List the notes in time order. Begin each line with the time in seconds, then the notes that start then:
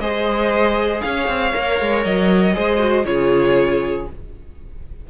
0.00 G#3 G#4 C5 D#5
1.01 C#4 C#5 F5
1.28 C4
1.53 A#3 A#4
1.81 G#3
2.05 F#3 D#5
2.54 G#3 G#4 C5
2.80 F#4
3.05 C#3 F4 G#4 C#5